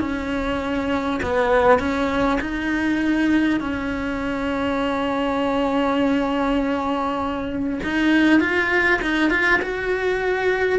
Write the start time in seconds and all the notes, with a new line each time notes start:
0.00 C#4
1.22 B3
1.78 C#4
2.40 D#4
3.60 C#4
7.83 D#4
8.40 F4
9.01 D#4
9.30 F4
9.61 F#4